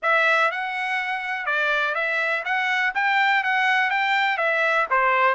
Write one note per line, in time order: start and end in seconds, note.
0.02 0.51 E5
0.51 1.46 F#5
1.46 1.94 D5
1.94 2.43 E5
2.44 2.93 F#5
2.94 3.43 G5
3.43 3.90 F#5
3.90 4.37 G5
4.37 4.86 E5
4.90 5.34 C5